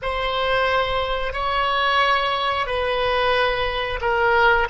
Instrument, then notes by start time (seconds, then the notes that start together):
oboe
0.02 C5
1.33 C#5
2.66 B4
4.01 A#4